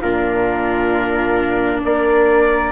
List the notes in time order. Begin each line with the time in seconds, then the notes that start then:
0.00 A#2 D4 F4 A#4
1.85 A#3 A#4 D5